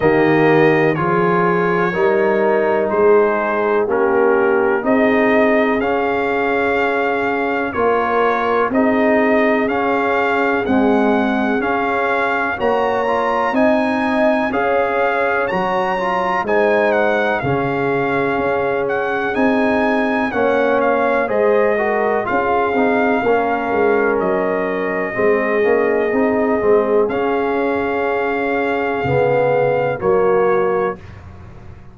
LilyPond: <<
  \new Staff \with { instrumentName = "trumpet" } { \time 4/4 \tempo 4 = 62 dis''4 cis''2 c''4 | ais'4 dis''4 f''2 | cis''4 dis''4 f''4 fis''4 | f''4 ais''4 gis''4 f''4 |
ais''4 gis''8 fis''8 f''4. fis''8 | gis''4 fis''8 f''8 dis''4 f''4~ | f''4 dis''2. | f''2. cis''4 | }
  \new Staff \with { instrumentName = "horn" } { \time 4/4 g'4 gis'4 ais'4 gis'4 | g'4 gis'2. | ais'4 gis'2.~ | gis'4 cis''4 dis''4 cis''4~ |
cis''4 c''4 gis'2~ | gis'4 cis''4 c''8 ais'8 gis'4 | ais'2 gis'2~ | gis'2. fis'4 | }
  \new Staff \with { instrumentName = "trombone" } { \time 4/4 ais4 f'4 dis'2 | cis'4 dis'4 cis'2 | f'4 dis'4 cis'4 gis4 | cis'4 fis'8 f'8 dis'4 gis'4 |
fis'8 f'8 dis'4 cis'2 | dis'4 cis'4 gis'8 fis'8 f'8 dis'8 | cis'2 c'8 cis'8 dis'8 c'8 | cis'2 b4 ais4 | }
  \new Staff \with { instrumentName = "tuba" } { \time 4/4 dis4 f4 g4 gis4 | ais4 c'4 cis'2 | ais4 c'4 cis'4 c'4 | cis'4 ais4 c'4 cis'4 |
fis4 gis4 cis4 cis'4 | c'4 ais4 gis4 cis'8 c'8 | ais8 gis8 fis4 gis8 ais8 c'8 gis8 | cis'2 cis4 fis4 | }
>>